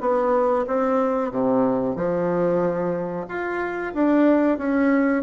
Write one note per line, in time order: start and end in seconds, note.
0.00 0.65 B3
0.67 1.31 C4
1.31 1.95 C3
1.95 3.25 F3
3.28 3.93 F4
3.94 4.58 D4
4.58 5.23 C#4